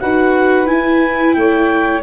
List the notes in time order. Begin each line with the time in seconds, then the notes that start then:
0.00 D#4 F#4 B4 F#5
0.66 E4 G#5
1.34 A3 C#5 G5